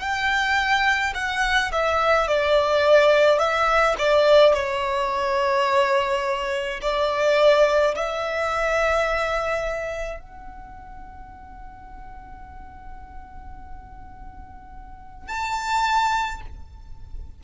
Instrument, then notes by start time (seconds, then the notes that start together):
violin
0.00 G5
1.15 F#5
1.72 E5
2.27 D5
3.39 E5
3.98 D5
4.54 C#5
6.81 D5
7.95 E5
10.19 F#5
15.28 A5